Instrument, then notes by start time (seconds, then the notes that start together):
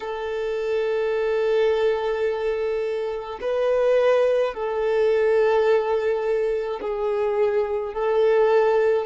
violin
0.00 A4
3.41 B4
4.53 A4
6.81 G#4
7.93 A4